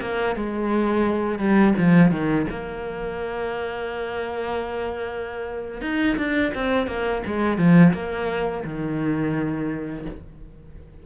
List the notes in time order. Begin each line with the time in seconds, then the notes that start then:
0.00 A#3
0.35 G#3
1.38 G3
1.77 F3
2.11 D#3
2.50 A#3
5.81 D#4
6.17 D4
6.55 C4
6.87 A#3
7.26 G#3
7.58 F3
7.93 A#3
8.64 D#3